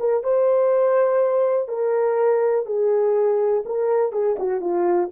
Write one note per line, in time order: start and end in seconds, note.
0.00 0.24 A#4
0.24 1.69 C5
1.69 2.66 A#4
2.66 3.64 G#4
3.66 4.13 A#4
4.13 4.37 G#4
4.39 4.61 F#4
4.61 5.10 F4